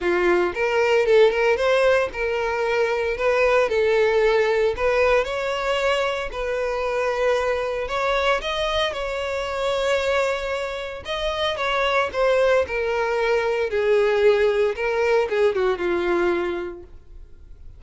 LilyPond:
\new Staff \with { instrumentName = "violin" } { \time 4/4 \tempo 4 = 114 f'4 ais'4 a'8 ais'8 c''4 | ais'2 b'4 a'4~ | a'4 b'4 cis''2 | b'2. cis''4 |
dis''4 cis''2.~ | cis''4 dis''4 cis''4 c''4 | ais'2 gis'2 | ais'4 gis'8 fis'8 f'2 | }